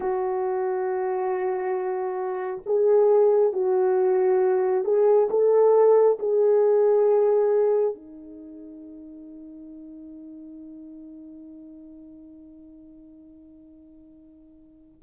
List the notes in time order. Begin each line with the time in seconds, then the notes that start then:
0.00 F#4
2.66 G#4
3.53 F#4
4.84 G#4
5.29 A4
6.19 G#4
7.95 D#4